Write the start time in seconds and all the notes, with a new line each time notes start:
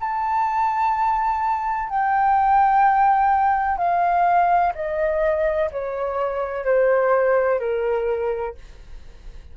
0.00 A5
1.90 G5
3.78 F5
4.75 D#5
5.71 C#5
6.65 C5
7.60 A#4